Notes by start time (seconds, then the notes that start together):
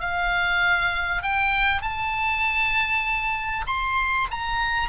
0.00 F5
1.22 G5
1.81 A5
3.66 C6
4.31 A#5